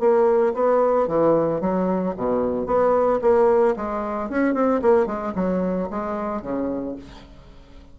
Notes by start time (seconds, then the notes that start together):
0.00 A#3
0.54 B3
1.07 E3
1.61 F#3
2.16 B2
2.66 B3
3.21 A#3
3.76 G#3
4.30 C#4
4.54 C4
4.82 A#3
5.06 G#3
5.35 F#3
5.90 G#3
6.42 C#3